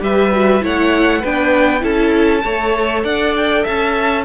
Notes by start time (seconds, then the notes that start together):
0.00 G3 G4 B4 E5
0.32 F#4
0.61 A3 E4 C#5 F#5
1.20 B3 D4 B4 G5
1.80 C#4 E4 A4 A5
2.44 A3 A4 C#5
3.04 D4 D5 F#5
3.36 G5
3.63 C#4 E5 A5